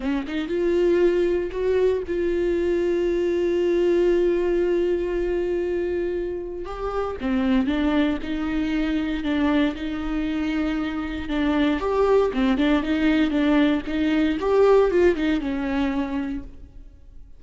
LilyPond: \new Staff \with { instrumentName = "viola" } { \time 4/4 \tempo 4 = 117 cis'8 dis'8 f'2 fis'4 | f'1~ | f'1~ | f'4 g'4 c'4 d'4 |
dis'2 d'4 dis'4~ | dis'2 d'4 g'4 | c'8 d'8 dis'4 d'4 dis'4 | g'4 f'8 dis'8 cis'2 | }